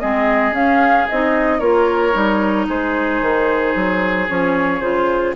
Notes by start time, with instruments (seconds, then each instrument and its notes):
0.00 bassoon G#3, clarinet C4, oboe G#4, flute D#5
0.52 bassoon C#4, clarinet C#4, flute F5
1.08 bassoon C4, clarinet D#4, flute D#5
1.59 bassoon A#3, clarinet F4, oboe A#4, flute C#5
2.12 bassoon G3, clarinet D#4
2.68 bassoon G#3, oboe G#4, flute C5
3.21 bassoon D#3
3.75 bassoon F#3
4.28 bassoon F3, clarinet C#4, flute C#5
4.80 bassoon C#3, clarinet F4, flute C5